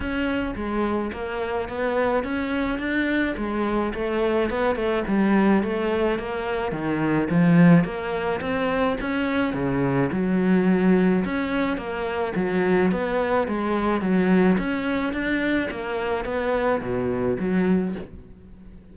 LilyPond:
\new Staff \with { instrumentName = "cello" } { \time 4/4 \tempo 4 = 107 cis'4 gis4 ais4 b4 | cis'4 d'4 gis4 a4 | b8 a8 g4 a4 ais4 | dis4 f4 ais4 c'4 |
cis'4 cis4 fis2 | cis'4 ais4 fis4 b4 | gis4 fis4 cis'4 d'4 | ais4 b4 b,4 fis4 | }